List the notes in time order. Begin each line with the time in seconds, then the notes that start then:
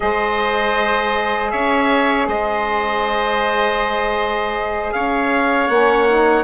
0.00 G#3 G#4 C5 D#5
1.50 C#4 C#5 E5
2.27 G#3 C5 D#5
4.92 C#4 C#5 F5
5.68 A#3 C#4 F#5
6.09 D#4